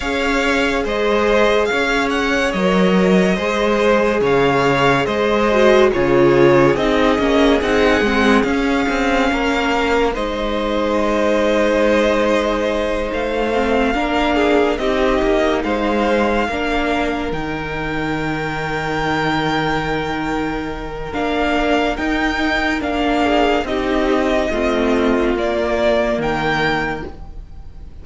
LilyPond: <<
  \new Staff \with { instrumentName = "violin" } { \time 4/4 \tempo 4 = 71 f''4 dis''4 f''8 fis''8 dis''4~ | dis''4 f''4 dis''4 cis''4 | dis''4 fis''4 f''2 | dis''2.~ dis''8 f''8~ |
f''4. dis''4 f''4.~ | f''8 g''2.~ g''8~ | g''4 f''4 g''4 f''4 | dis''2 d''4 g''4 | }
  \new Staff \with { instrumentName = "violin" } { \time 4/4 cis''4 c''4 cis''2 | c''4 cis''4 c''4 gis'4~ | gis'2. ais'4 | c''1~ |
c''8 ais'8 gis'8 g'4 c''4 ais'8~ | ais'1~ | ais'2.~ ais'8 gis'8 | g'4 f'2 ais'4 | }
  \new Staff \with { instrumentName = "viola" } { \time 4/4 gis'2. ais'4 | gis'2~ gis'8 fis'8 f'4 | dis'8 cis'8 dis'8 c'8 cis'2 | dis'1 |
c'8 d'4 dis'2 d'8~ | d'8 dis'2.~ dis'8~ | dis'4 d'4 dis'4 d'4 | dis'4 c'4 ais2 | }
  \new Staff \with { instrumentName = "cello" } { \time 4/4 cis'4 gis4 cis'4 fis4 | gis4 cis4 gis4 cis4 | c'8 ais8 c'8 gis8 cis'8 c'8 ais4 | gis2.~ gis8 a8~ |
a8 ais4 c'8 ais8 gis4 ais8~ | ais8 dis2.~ dis8~ | dis4 ais4 dis'4 ais4 | c'4 a4 ais4 dis4 | }
>>